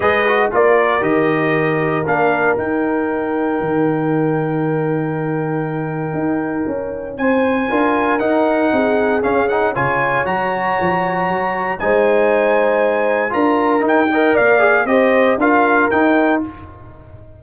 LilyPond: <<
  \new Staff \with { instrumentName = "trumpet" } { \time 4/4 \tempo 4 = 117 dis''4 d''4 dis''2 | f''4 g''2.~ | g''1~ | g''2 gis''2 |
fis''2 f''8 fis''8 gis''4 | ais''2. gis''4~ | gis''2 ais''4 g''4 | f''4 dis''4 f''4 g''4 | }
  \new Staff \with { instrumentName = "horn" } { \time 4/4 b'4 ais'2.~ | ais'1~ | ais'1~ | ais'2 c''4 ais'4~ |
ais'4 gis'2 cis''4~ | cis''2. c''4~ | c''2 ais'4. dis''8 | d''4 c''4 ais'2 | }
  \new Staff \with { instrumentName = "trombone" } { \time 4/4 gis'8 fis'8 f'4 g'2 | d'4 dis'2.~ | dis'1~ | dis'2. f'4 |
dis'2 cis'8 dis'8 f'4 | fis'2. dis'4~ | dis'2 f'4 dis'8 ais'8~ | ais'8 gis'8 g'4 f'4 dis'4 | }
  \new Staff \with { instrumentName = "tuba" } { \time 4/4 gis4 ais4 dis2 | ais4 dis'2 dis4~ | dis1 | dis'4 cis'4 c'4 d'4 |
dis'4 c'4 cis'4 cis4 | fis4 f4 fis4 gis4~ | gis2 d'4 dis'4 | ais4 c'4 d'4 dis'4 | }
>>